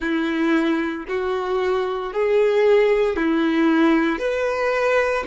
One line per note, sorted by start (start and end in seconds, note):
0.00 1.06 E4
1.08 2.13 F#4
2.13 3.16 G#4
3.16 4.18 E4
4.18 5.23 B4